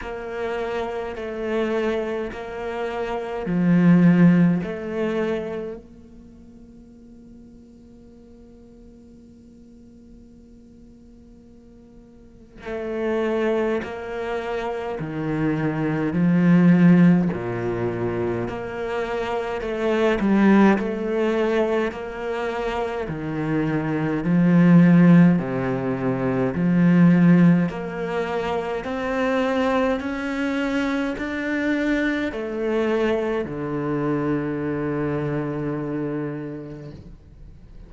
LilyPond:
\new Staff \with { instrumentName = "cello" } { \time 4/4 \tempo 4 = 52 ais4 a4 ais4 f4 | a4 ais2.~ | ais2. a4 | ais4 dis4 f4 ais,4 |
ais4 a8 g8 a4 ais4 | dis4 f4 c4 f4 | ais4 c'4 cis'4 d'4 | a4 d2. | }